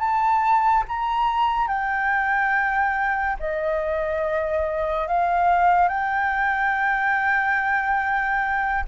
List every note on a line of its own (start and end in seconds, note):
0.00 0.85 A5
0.88 1.68 A#5
1.68 3.37 G5
3.40 5.08 D#5
5.08 5.89 F5
5.89 8.85 G5